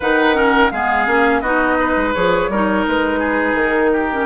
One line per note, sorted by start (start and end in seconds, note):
0.00 0.71 D#3
0.00 0.33 D#4
0.00 0.36 B4
0.00 0.70 F#5
0.33 0.69 C#4
0.33 0.72 A#4
0.70 1.07 G#3
0.70 1.06 B3
0.70 1.42 G#4
0.70 1.40 F5
1.06 1.41 A#3
1.06 1.42 C#4
1.40 1.95 B3
1.40 2.14 D#4
1.40 1.77 F#4
1.40 2.12 D#5
1.79 2.50 B4
1.96 2.14 G#3
2.13 2.49 F3
2.13 2.50 G#4
2.13 2.85 C#5
2.49 2.84 G3
2.49 4.12 D#4
2.49 3.19 A#4
2.87 3.53 G#3
2.87 3.58 B4
3.19 3.90 G#4
3.53 4.25 D#3
3.60 4.25 A#4
3.93 4.25 G4
4.12 4.25 C#4